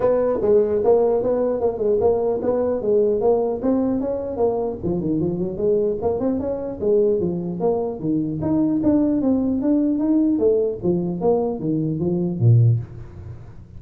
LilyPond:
\new Staff \with { instrumentName = "tuba" } { \time 4/4 \tempo 4 = 150 b4 gis4 ais4 b4 | ais8 gis8 ais4 b4 gis4 | ais4 c'4 cis'4 ais4 | f8 dis8 f8 fis8 gis4 ais8 c'8 |
cis'4 gis4 f4 ais4 | dis4 dis'4 d'4 c'4 | d'4 dis'4 a4 f4 | ais4 dis4 f4 ais,4 | }